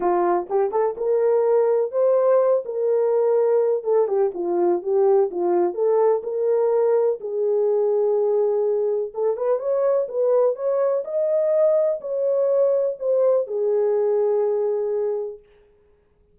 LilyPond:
\new Staff \with { instrumentName = "horn" } { \time 4/4 \tempo 4 = 125 f'4 g'8 a'8 ais'2 | c''4. ais'2~ ais'8 | a'8 g'8 f'4 g'4 f'4 | a'4 ais'2 gis'4~ |
gis'2. a'8 b'8 | cis''4 b'4 cis''4 dis''4~ | dis''4 cis''2 c''4 | gis'1 | }